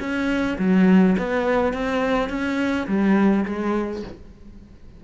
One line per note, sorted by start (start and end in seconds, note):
0.00 0.58 C#4
0.59 1.16 F#3
1.18 1.73 B3
1.73 2.29 C4
2.29 2.87 C#4
2.87 3.45 G3
3.46 4.03 G#3